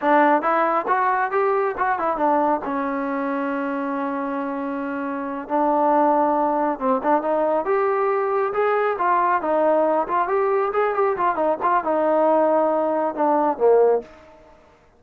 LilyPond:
\new Staff \with { instrumentName = "trombone" } { \time 4/4 \tempo 4 = 137 d'4 e'4 fis'4 g'4 | fis'8 e'8 d'4 cis'2~ | cis'1~ | cis'8 d'2. c'8 |
d'8 dis'4 g'2 gis'8~ | gis'8 f'4 dis'4. f'8 g'8~ | g'8 gis'8 g'8 f'8 dis'8 f'8 dis'4~ | dis'2 d'4 ais4 | }